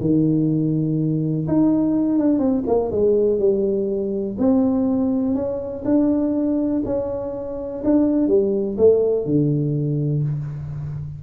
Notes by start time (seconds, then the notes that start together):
0.00 D#3
1.47 D#4
2.18 D4
2.38 C4
2.67 A#3
2.91 G#3
3.39 G3
4.38 C4
5.35 C#4
5.85 D4
6.85 C#4
7.84 D4
8.27 G3
8.77 A3
9.25 D3